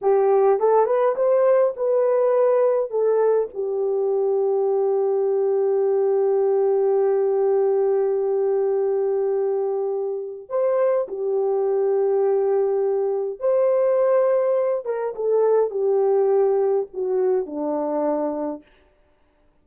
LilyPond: \new Staff \with { instrumentName = "horn" } { \time 4/4 \tempo 4 = 103 g'4 a'8 b'8 c''4 b'4~ | b'4 a'4 g'2~ | g'1~ | g'1~ |
g'2 c''4 g'4~ | g'2. c''4~ | c''4. ais'8 a'4 g'4~ | g'4 fis'4 d'2 | }